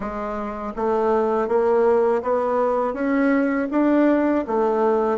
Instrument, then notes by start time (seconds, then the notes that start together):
bassoon
0.00 G#3
0.76 A3
1.48 A#3
2.22 B3
2.93 C#4
3.70 D4
4.47 A3